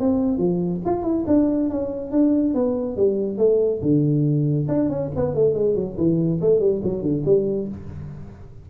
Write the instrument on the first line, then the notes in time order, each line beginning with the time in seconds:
tuba
0.00 C4
0.38 F3
0.86 F4
1.03 E4
1.27 D4
1.70 C#4
2.12 D4
2.54 B3
2.97 G3
3.38 A3
3.82 D3
4.69 D4
4.90 C#4
5.16 B3
5.35 A3
5.55 G#3
5.75 F#3
5.98 E3
6.41 A3
6.60 G3
6.84 F#3
7.02 D3
7.25 G3